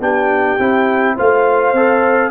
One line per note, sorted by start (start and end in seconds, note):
0.00 0.58 B3
0.00 0.58 D4
0.00 1.16 G4
0.00 1.18 G5
0.59 1.17 C4
0.59 1.17 E4
1.16 1.73 A3
1.16 1.75 F4
1.16 2.31 C5
1.16 2.31 F5
1.73 2.31 C4
1.73 2.31 A4